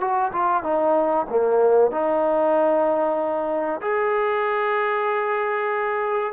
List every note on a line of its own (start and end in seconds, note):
0.00 0.32 F#4
0.32 0.63 F4
0.63 1.26 D#4
1.29 1.91 A#3
1.91 3.80 D#4
3.81 6.32 G#4